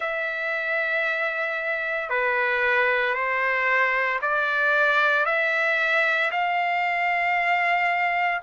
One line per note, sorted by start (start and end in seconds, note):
0.00 2.09 E5
2.09 3.14 B4
3.14 4.19 C5
4.21 5.25 D5
5.25 6.31 E5
6.31 8.41 F5